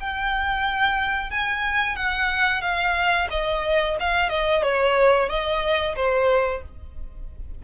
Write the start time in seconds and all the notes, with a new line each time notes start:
0.00 G5
1.30 G#5
1.95 F#5
2.61 F5
3.30 D#5
3.99 F5
4.29 D#5
4.62 C#5
5.28 D#5
5.95 C5